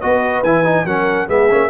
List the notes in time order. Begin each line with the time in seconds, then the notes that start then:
0.00 B3 F#4 B4 D#5
0.43 E3 E4 G#5
0.64 D#4
0.84 F#3 C#4 A#4 F#5
1.27 G#3 B3 G#4 E5
1.50 A#3 C#4